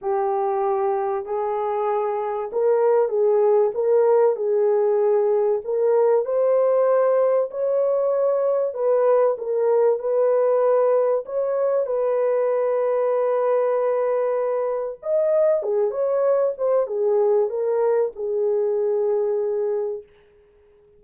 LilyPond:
\new Staff \with { instrumentName = "horn" } { \time 4/4 \tempo 4 = 96 g'2 gis'2 | ais'4 gis'4 ais'4 gis'4~ | gis'4 ais'4 c''2 | cis''2 b'4 ais'4 |
b'2 cis''4 b'4~ | b'1 | dis''4 gis'8 cis''4 c''8 gis'4 | ais'4 gis'2. | }